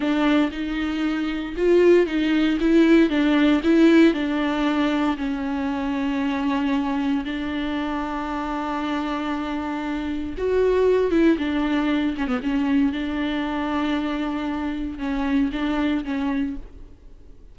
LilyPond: \new Staff \with { instrumentName = "viola" } { \time 4/4 \tempo 4 = 116 d'4 dis'2 f'4 | dis'4 e'4 d'4 e'4 | d'2 cis'2~ | cis'2 d'2~ |
d'1 | fis'4. e'8 d'4. cis'16 b16 | cis'4 d'2.~ | d'4 cis'4 d'4 cis'4 | }